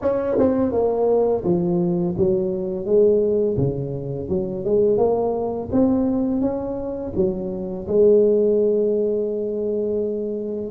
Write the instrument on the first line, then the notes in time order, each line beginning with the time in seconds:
tuba
0.01 C#4
0.38 C4
0.72 A#3
1.44 F3
2.17 F#3
2.85 G#3
3.57 C#3
4.29 F#3
4.64 G#3
4.97 A#3
5.71 C4
6.41 C#4
7.15 F#3
7.87 G#3